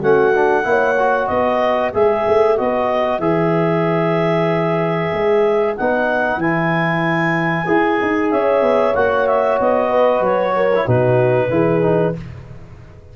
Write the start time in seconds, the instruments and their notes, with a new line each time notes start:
0.00 tuba A3, trombone C#4, horn F#4, clarinet F#5
0.36 trombone D4
0.64 tuba A#3, trombone E4, horn C#5
0.99 trombone F#4
1.27 tuba B3, horn B4, clarinet D#5
1.94 tuba G#3, trombone G#4, clarinet E5
2.29 tuba A3
2.58 tuba B3, trombone F#4, clarinet D#5
3.19 tuba E3, trombone G#4, clarinet E5
5.13 tuba G#3
5.77 tuba B3, trombone D#4, clarinet F#5
6.37 tuba E3, trombone E4, clarinet G#5
7.67 tuba E4, trombone G#4
8.02 tuba D#4
8.31 tuba C#4, horn C#5, clarinet E5
8.63 tuba B3
8.95 tuba A#3, trombone F#4, clarinet F#5
9.27 clarinet E5
9.60 tuba B3, clarinet D#5
9.90 horn B4
10.21 tuba F#3, clarinet C#5
10.57 horn A#4
10.76 trombone E4
10.85 tuba B2, trombone D#4, horn F#4, clarinet B4
11.50 tuba E3, trombone E4, horn G#4
11.82 trombone D#4